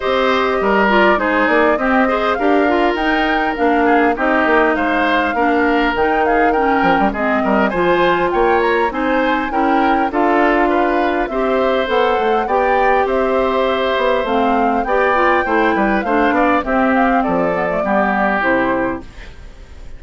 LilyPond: <<
  \new Staff \with { instrumentName = "flute" } { \time 4/4 \tempo 4 = 101 dis''4. d''8 c''8 d''8 dis''4 | f''4 g''4 f''4 dis''4 | f''2 g''8 f''8 g''4 | dis''4 gis''4 g''8 ais''8 gis''4 |
g''4 f''2 e''4 | fis''4 g''4 e''2 | f''4 g''2 f''4 | e''8 f''8 d''2 c''4 | }
  \new Staff \with { instrumentName = "oboe" } { \time 4/4 c''4 ais'4 gis'4 g'8 c''8 | ais'2~ ais'8 gis'8 g'4 | c''4 ais'4. gis'8 ais'4 | gis'8 ais'8 c''4 cis''4 c''4 |
ais'4 a'4 b'4 c''4~ | c''4 d''4 c''2~ | c''4 d''4 c''8 b'8 c''8 d''8 | g'4 a'4 g'2 | }
  \new Staff \with { instrumentName = "clarinet" } { \time 4/4 g'4. f'8 dis'4 c'8 gis'8 | g'8 f'8 dis'4 d'4 dis'4~ | dis'4 d'4 dis'4 cis'4 | c'4 f'2 dis'4 |
e'4 f'2 g'4 | a'4 g'2. | c'4 g'8 f'8 e'4 d'4 | c'4. b16 a16 b4 e'4 | }
  \new Staff \with { instrumentName = "bassoon" } { \time 4/4 c'4 g4 gis8 ais8 c'4 | d'4 dis'4 ais4 c'8 ais8 | gis4 ais4 dis4. f16 g16 | gis8 g8 f4 ais4 c'4 |
cis'4 d'2 c'4 | b8 a8 b4 c'4. b8 | a4 b4 a8 g8 a8 b8 | c'4 f4 g4 c4 | }
>>